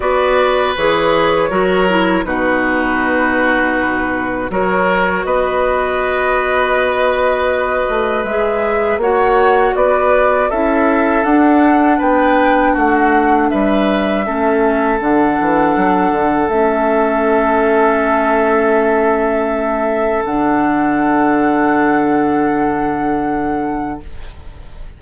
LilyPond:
<<
  \new Staff \with { instrumentName = "flute" } { \time 4/4 \tempo 4 = 80 d''4 cis''2 b'4~ | b'2 cis''4 dis''4~ | dis''2. e''4 | fis''4 d''4 e''4 fis''4 |
g''4 fis''4 e''2 | fis''2 e''2~ | e''2. fis''4~ | fis''1 | }
  \new Staff \with { instrumentName = "oboe" } { \time 4/4 b'2 ais'4 fis'4~ | fis'2 ais'4 b'4~ | b'1 | cis''4 b'4 a'2 |
b'4 fis'4 b'4 a'4~ | a'1~ | a'1~ | a'1 | }
  \new Staff \with { instrumentName = "clarinet" } { \time 4/4 fis'4 gis'4 fis'8 e'8 dis'4~ | dis'2 fis'2~ | fis'2. gis'4 | fis'2 e'4 d'4~ |
d'2. cis'4 | d'2 cis'2~ | cis'2. d'4~ | d'1 | }
  \new Staff \with { instrumentName = "bassoon" } { \time 4/4 b4 e4 fis4 b,4~ | b,2 fis4 b4~ | b2~ b8 a8 gis4 | ais4 b4 cis'4 d'4 |
b4 a4 g4 a4 | d8 e8 fis8 d8 a2~ | a2. d4~ | d1 | }
>>